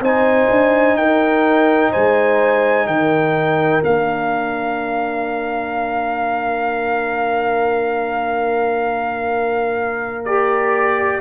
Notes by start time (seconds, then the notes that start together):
0.00 C4 D#4 C5 G#5
0.50 D4
0.94 D#4 A#4 G5
1.91 G#3 C5 G#5
2.86 D#3 A#4 G5
3.82 A#3 D4 F5
10.25 G4 D5